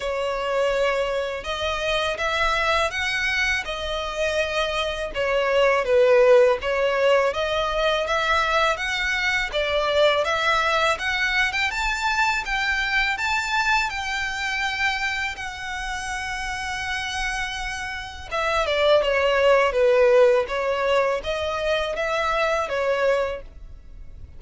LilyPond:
\new Staff \with { instrumentName = "violin" } { \time 4/4 \tempo 4 = 82 cis''2 dis''4 e''4 | fis''4 dis''2 cis''4 | b'4 cis''4 dis''4 e''4 | fis''4 d''4 e''4 fis''8. g''16 |
a''4 g''4 a''4 g''4~ | g''4 fis''2.~ | fis''4 e''8 d''8 cis''4 b'4 | cis''4 dis''4 e''4 cis''4 | }